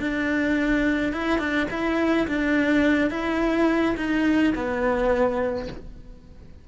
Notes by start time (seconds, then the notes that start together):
0.00 D4
1.13 E4
1.39 D4
1.71 E4
2.28 D4
3.11 E4
3.97 D#4
4.55 B3